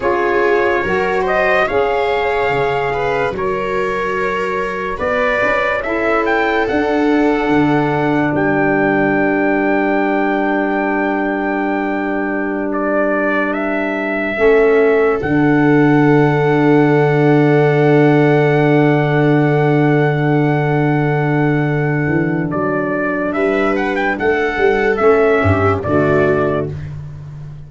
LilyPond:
<<
  \new Staff \with { instrumentName = "trumpet" } { \time 4/4 \tempo 4 = 72 cis''4. dis''8 f''2 | cis''2 d''4 e''8 g''8 | fis''2 g''2~ | g''2.~ g''16 d''8.~ |
d''16 e''2 fis''4.~ fis''16~ | fis''1~ | fis''2. d''4 | e''8 fis''16 g''16 fis''4 e''4 d''4 | }
  \new Staff \with { instrumentName = "viola" } { \time 4/4 gis'4 ais'8 c''8 cis''4. b'8 | ais'2 b'4 a'4~ | a'2 ais'2~ | ais'1~ |
ais'4~ ais'16 a'2~ a'8.~ | a'1~ | a'1 | b'4 a'4. g'8 fis'4 | }
  \new Staff \with { instrumentName = "saxophone" } { \time 4/4 f'4 fis'4 gis'2 | fis'2. e'4 | d'1~ | d'1~ |
d'4~ d'16 cis'4 d'4.~ d'16~ | d'1~ | d'1~ | d'2 cis'4 a4 | }
  \new Staff \with { instrumentName = "tuba" } { \time 4/4 cis'4 fis4 cis'4 cis4 | fis2 b8 cis'4. | d'4 d4 g2~ | g1~ |
g4~ g16 a4 d4.~ d16~ | d1~ | d2~ d8 e8 fis4 | g4 a8 g8 a8 g,8 d4 | }
>>